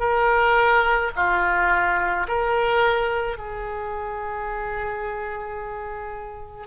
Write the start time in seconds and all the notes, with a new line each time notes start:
0.00 A#4
1.16 F4
2.28 A#4
3.38 G#4